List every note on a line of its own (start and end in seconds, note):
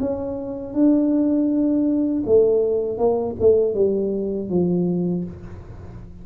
0.00 0.74 C#4
0.74 2.24 D4
2.26 2.98 A3
2.98 3.35 A#3
3.40 3.74 A3
3.74 4.49 G3
4.49 5.24 F3